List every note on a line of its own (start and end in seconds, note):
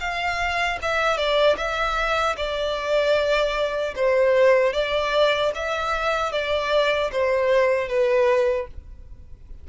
0.00 0.79 F5
0.82 1.17 E5
1.17 1.56 D5
1.57 2.36 E5
2.37 3.95 D5
3.95 4.73 C5
4.73 5.52 D5
5.55 6.32 E5
6.32 7.11 D5
7.12 7.88 C5
7.88 8.67 B4